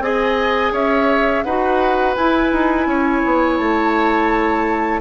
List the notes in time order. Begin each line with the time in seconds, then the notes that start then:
0.00 C4 G#4 D#5 G#5
0.72 C#4 C#5 E5
1.44 D#4 F#4 B4 F#5
2.15 E4 G#5
2.53 D#4
2.86 C#4 C#5
3.25 B3
3.57 A3 A5